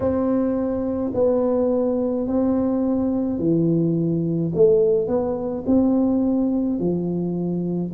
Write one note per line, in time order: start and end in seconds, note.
0.00 1.11 C4
1.14 2.26 B3
2.26 3.38 C4
3.38 4.51 E3
4.54 5.07 A3
5.07 5.63 B3
5.66 6.79 C4
6.79 7.92 F3